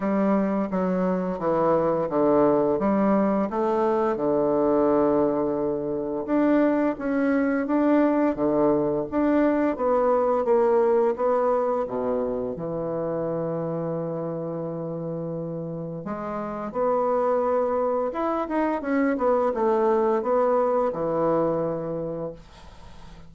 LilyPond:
\new Staff \with { instrumentName = "bassoon" } { \time 4/4 \tempo 4 = 86 g4 fis4 e4 d4 | g4 a4 d2~ | d4 d'4 cis'4 d'4 | d4 d'4 b4 ais4 |
b4 b,4 e2~ | e2. gis4 | b2 e'8 dis'8 cis'8 b8 | a4 b4 e2 | }